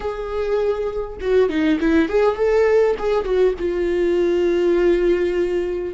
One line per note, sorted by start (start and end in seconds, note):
0.00 1.17 G#4
1.20 1.49 F#4
1.49 1.78 D#4
1.80 2.08 E4
2.08 2.35 G#4
2.35 2.95 A4
2.99 3.24 G#4
3.24 3.54 F#4
3.59 5.94 F4